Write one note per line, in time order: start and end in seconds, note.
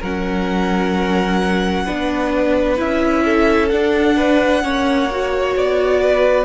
0.00 1.87 F#3
0.00 1.86 C#4
0.00 1.85 A#4
0.00 2.81 F#5
1.86 2.81 B3
1.86 2.77 D4
1.86 3.24 B4
2.77 3.73 C#4
2.77 3.70 E4
2.77 3.69 E5
3.25 4.17 A4
3.69 4.63 D4
3.69 4.64 D4
3.69 5.54 F#5
4.17 4.63 B4
4.63 5.56 A#3
4.63 5.09 C#4
4.63 6.01 C#5
5.12 6.46 F#4
5.57 6.46 B3
5.57 6.46 D5
6.01 6.46 B4